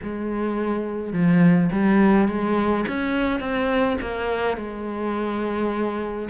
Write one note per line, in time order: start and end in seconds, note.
0.02 1.12 G#3
1.12 1.69 F3
1.71 2.28 G3
2.28 2.85 G#3
2.88 3.40 C#4
3.40 3.97 C4
4.01 4.57 A#3
4.57 6.28 G#3